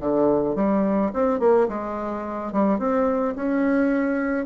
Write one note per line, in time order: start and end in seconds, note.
0.00 0.55 D3
0.55 1.11 G3
1.13 1.40 C4
1.40 1.68 A#3
1.68 2.53 G#3
2.53 2.79 G3
2.79 3.35 C4
3.36 4.46 C#4